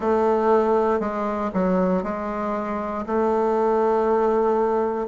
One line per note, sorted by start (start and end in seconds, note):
0.00 0.99 A3
0.99 1.50 G#3
1.53 2.03 F#3
2.03 3.05 G#3
3.06 5.07 A3